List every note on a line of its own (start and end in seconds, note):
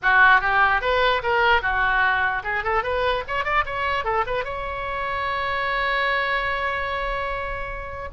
0.02 0.41 F#4
0.41 0.81 G4
0.81 1.21 B4
1.22 1.61 A#4
1.61 2.43 F#4
2.43 2.63 G#4
2.63 2.83 A4
2.83 3.23 B4
3.27 3.44 C#5
3.44 3.64 D5
3.65 4.04 C#5
4.04 4.24 A4
4.26 4.44 B4
4.44 8.09 C#5